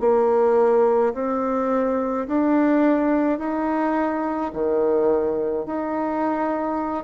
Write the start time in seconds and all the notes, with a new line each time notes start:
0.00 A#3
1.14 C4
2.27 D4
3.39 D#4
4.53 D#3
5.66 D#4